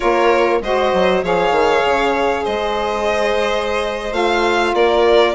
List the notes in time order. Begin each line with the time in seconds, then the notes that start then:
0.00 A#3 F4 A#4 C#5
0.61 G#3 F#4 C5 D#5
0.93 F#3
1.23 F3 G#4 C#5 F5
1.51 D#3
1.85 C#3
2.43 G#3 C5 D#5
4.11 A3 F4 F5
4.73 A#3 A#4 D5